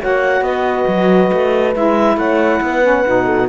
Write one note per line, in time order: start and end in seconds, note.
0.00 0.41 A#3
0.00 1.74 F#4
0.00 0.43 C#5
0.00 0.43 F#5
0.41 0.85 B3
0.41 2.17 B4
0.41 1.74 D#5
0.87 1.31 F#3
1.32 1.75 A3
1.74 2.16 G#3
1.74 2.82 E4
1.74 2.17 E5
2.16 2.60 A3
2.16 2.62 C#5
2.16 3.48 F#5
2.61 3.04 B3
2.61 3.25 B4
2.82 3.04 C#4
3.06 3.48 B2
3.06 3.48 D#4
3.25 3.47 A4